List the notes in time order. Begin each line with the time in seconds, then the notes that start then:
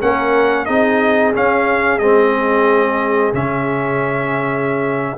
0.00 A#3 C#4 A#4 F#5
0.65 C4 D#4 G#4 D#5
1.33 C#4 F5
1.99 G#3 C4 D#5
3.33 C#3 C#4 E5